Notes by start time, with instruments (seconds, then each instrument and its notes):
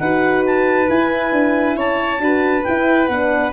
0.00 tuba D#4, horn F#4, violin B4, clarinet F#5
0.47 clarinet A5
0.89 tuba E4, horn E4, clarinet G#5
1.32 tuba D4
1.76 tuba C#4, violin C#5, clarinet A5
2.19 tuba D4, horn F#4, violin B4
2.64 horn E4, tuba E4, clarinet G5
3.08 tuba B3, horn D4, clarinet F#5